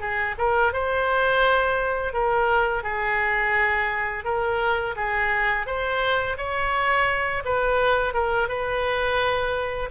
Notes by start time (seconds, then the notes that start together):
0.00 G#4
0.39 A#4
0.73 C5
2.13 A#4
2.84 G#4
4.25 A#4
4.96 G#4
5.67 C5
6.38 C#5
7.45 B4
8.14 A#4
8.49 B4